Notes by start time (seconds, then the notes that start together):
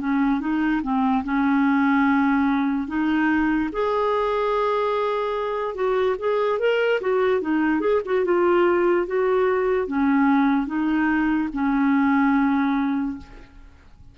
0.00 C#4
0.40 D#4
0.83 C4
1.24 C#4
2.88 D#4
3.72 G#4
5.75 F#4
6.19 G#4
6.59 A#4
7.01 F#4
7.41 D#4
7.80 G#4
8.05 F#4
8.25 F4
9.07 F#4
9.87 C#4
10.67 D#4
11.53 C#4